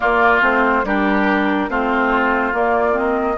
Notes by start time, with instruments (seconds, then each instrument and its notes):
0.00 clarinet A#3, bassoon A#3, oboe F4, flute D5
0.41 bassoon A3, clarinet C4, flute C5
0.83 bassoon G3, clarinet D4, oboe G4, flute A#4
1.69 bassoon A3, clarinet C4, oboe F4, flute C5
2.52 clarinet A#3, bassoon A#3, flute D5
2.92 clarinet C4, flute D#5